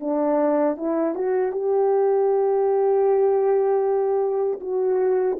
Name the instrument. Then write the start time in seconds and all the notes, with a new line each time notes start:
horn
0.00 D4
0.77 E4
1.15 F#4
1.52 G4
4.60 F#4